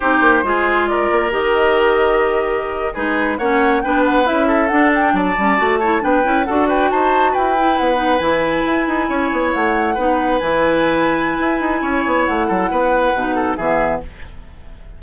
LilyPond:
<<
  \new Staff \with { instrumentName = "flute" } { \time 4/4 \tempo 4 = 137 c''2 d''4 dis''4~ | dis''2~ dis''8. b'4 fis''16~ | fis''8. g''8 fis''8 e''4 fis''8 g''8 a''16~ | a''4.~ a''16 g''4 fis''8 g''8 a''16~ |
a''8. g''4 fis''4 gis''4~ gis''16~ | gis''4.~ gis''16 fis''2 gis''16~ | gis''1 | fis''2. e''4 | }
  \new Staff \with { instrumentName = "oboe" } { \time 4/4 g'4 gis'4 ais'2~ | ais'2~ ais'8. gis'4 cis''16~ | cis''8. b'4. a'4. d''16~ | d''4~ d''16 cis''8 b'4 a'8 b'8 c''16~ |
c''8. b'2.~ b'16~ | b'8. cis''2 b'4~ b'16~ | b'2. cis''4~ | cis''8 a'8 b'4. a'8 gis'4 | }
  \new Staff \with { instrumentName = "clarinet" } { \time 4/4 dis'4 f'2 g'4~ | g'2~ g'8. dis'4 cis'16~ | cis'8. d'4 e'4 d'4~ d'16~ | d'16 cis'8 fis'8 e'8 d'8 e'8 fis'4~ fis'16~ |
fis'4~ fis'16 e'4 dis'8 e'4~ e'16~ | e'2~ e'8. dis'4 e'16~ | e'1~ | e'2 dis'4 b4 | }
  \new Staff \with { instrumentName = "bassoon" } { \time 4/4 c'8 ais8 gis4. ais8 dis4~ | dis2~ dis8. gis4 ais16~ | ais8. b4 cis'4 d'4 fis16~ | fis16 g8 a4 b8 cis'8 d'4 dis'16~ |
dis'8. e'4 b4 e4 e'16~ | e'16 dis'8 cis'8 b8 a4 b4 e16~ | e2 e'8 dis'8 cis'8 b8 | a8 fis8 b4 b,4 e4 | }
>>